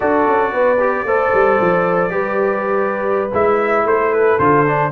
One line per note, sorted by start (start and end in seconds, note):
0.00 0.27 D4
0.00 0.78 F#4
0.00 0.52 A4
0.00 3.30 D5
0.27 0.52 C#4
0.52 1.04 B3
0.52 1.05 B4
0.80 1.06 G4
1.04 1.31 A3
1.04 2.10 A4
1.04 2.12 C5
1.33 1.60 G3
1.60 2.09 F3
2.09 3.29 G3
2.09 3.29 G4
2.09 3.84 B4
3.33 3.84 G#3
3.33 4.39 E4
3.33 3.87 E5
3.84 4.37 A3
3.84 4.91 A4
3.84 4.12 C5
4.12 4.38 B4
4.38 4.91 D3
4.38 4.66 F4
4.38 4.91 C5
4.66 4.91 D4